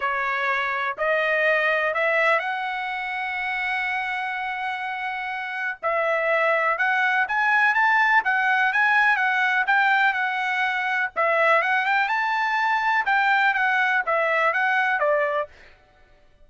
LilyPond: \new Staff \with { instrumentName = "trumpet" } { \time 4/4 \tempo 4 = 124 cis''2 dis''2 | e''4 fis''2.~ | fis''1 | e''2 fis''4 gis''4 |
a''4 fis''4 gis''4 fis''4 | g''4 fis''2 e''4 | fis''8 g''8 a''2 g''4 | fis''4 e''4 fis''4 d''4 | }